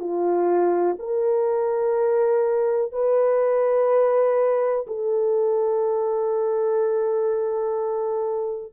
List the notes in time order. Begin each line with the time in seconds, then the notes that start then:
0.00 F4
0.99 A#4
2.93 B4
4.87 A4